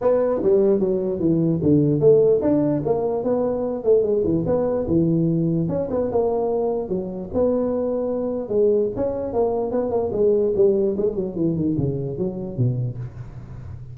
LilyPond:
\new Staff \with { instrumentName = "tuba" } { \time 4/4 \tempo 4 = 148 b4 g4 fis4 e4 | d4 a4 d'4 ais4 | b4. a8 gis8 e8 b4 | e2 cis'8 b8 ais4~ |
ais4 fis4 b2~ | b4 gis4 cis'4 ais4 | b8 ais8 gis4 g4 gis8 fis8 | e8 dis8 cis4 fis4 b,4 | }